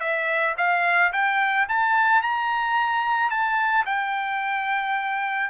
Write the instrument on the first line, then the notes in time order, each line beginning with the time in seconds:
trumpet
0.00 E5
0.57 F5
1.13 G5
1.69 A5
2.22 A#5
3.30 A5
3.86 G5